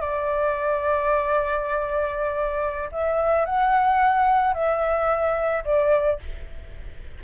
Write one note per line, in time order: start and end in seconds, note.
0.00 2.89 D5
2.91 3.45 E5
3.45 4.53 F#5
4.53 5.63 E5
5.64 6.19 D5